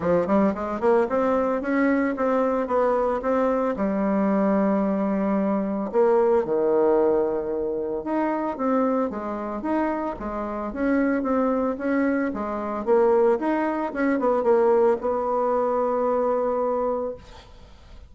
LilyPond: \new Staff \with { instrumentName = "bassoon" } { \time 4/4 \tempo 4 = 112 f8 g8 gis8 ais8 c'4 cis'4 | c'4 b4 c'4 g4~ | g2. ais4 | dis2. dis'4 |
c'4 gis4 dis'4 gis4 | cis'4 c'4 cis'4 gis4 | ais4 dis'4 cis'8 b8 ais4 | b1 | }